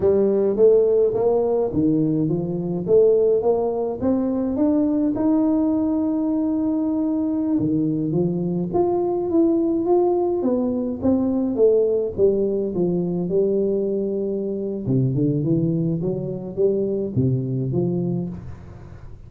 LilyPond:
\new Staff \with { instrumentName = "tuba" } { \time 4/4 \tempo 4 = 105 g4 a4 ais4 dis4 | f4 a4 ais4 c'4 | d'4 dis'2.~ | dis'4~ dis'16 dis4 f4 f'8.~ |
f'16 e'4 f'4 b4 c'8.~ | c'16 a4 g4 f4 g8.~ | g2 c8 d8 e4 | fis4 g4 c4 f4 | }